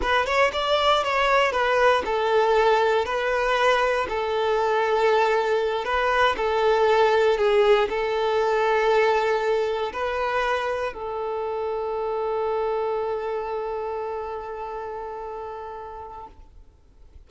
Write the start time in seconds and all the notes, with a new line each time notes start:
0.01 B4
0.25 C#5
0.52 D5
1.03 C#5
1.51 B4
2.05 A4
3.05 B4
4.08 A4
5.84 B4
6.37 A4
7.37 G#4
7.89 A4
9.92 B4
10.93 A4